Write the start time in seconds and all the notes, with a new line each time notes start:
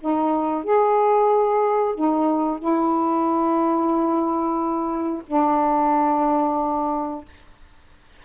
0.00 D#4
0.64 G#4
1.95 D#4
2.59 E4
5.27 D4